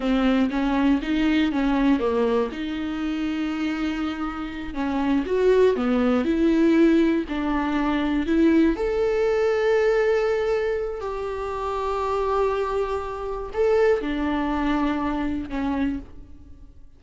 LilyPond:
\new Staff \with { instrumentName = "viola" } { \time 4/4 \tempo 4 = 120 c'4 cis'4 dis'4 cis'4 | ais4 dis'2.~ | dis'4. cis'4 fis'4 b8~ | b8 e'2 d'4.~ |
d'8 e'4 a'2~ a'8~ | a'2 g'2~ | g'2. a'4 | d'2. cis'4 | }